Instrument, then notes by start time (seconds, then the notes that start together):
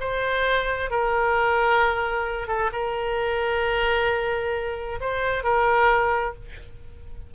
oboe
0.00 C5
0.90 A#4
2.48 A4
2.72 A#4
5.01 C5
5.43 A#4